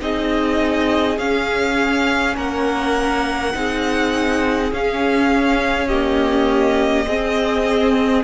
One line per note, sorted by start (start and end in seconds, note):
0.00 1.18 C4
0.00 1.18 D#4
0.00 2.35 G#4
0.00 1.18 D#5
1.18 3.53 C#4
1.18 2.36 C#4
1.18 2.36 F5
2.35 3.54 A#3
2.35 3.53 A#4
2.35 4.73 F#5
3.53 4.71 C4
3.53 4.71 D#4
3.53 5.87 G#4
4.71 7.06 C#4
4.71 5.90 C#4
4.71 5.88 F5
5.87 7.09 A#3
5.87 7.05 G4
5.87 8.23 D#5
7.06 8.23 C4
7.06 8.24 C4
7.06 8.24 G#4